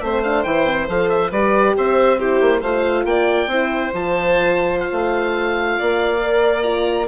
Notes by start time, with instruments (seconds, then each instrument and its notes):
0.00 bassoon A3, horn C4, violin C5, oboe E5
0.23 horn D4, oboe F5
0.43 bassoon E3, horn E4, oboe G5
0.66 horn C4
0.88 bassoon F3, horn A4, oboe F5
1.09 oboe E5
1.30 bassoon G3, horn G4, violin B4, oboe D5
1.77 bassoon C4, violin C5, oboe E5
2.19 horn E4, violin G4, oboe C5
2.41 bassoon A#3
2.60 bassoon A3, horn F4, violin C5, oboe F5
3.05 bassoon A#3, violin D5, oboe G5
3.47 bassoon C4, horn E4, violin C5
3.93 bassoon F3, horn F4, oboe A5
4.80 oboe F5
4.91 bassoon A3
5.78 bassoon A#3, violin D5
6.21 horn A#4
6.62 horn F4, oboe A#5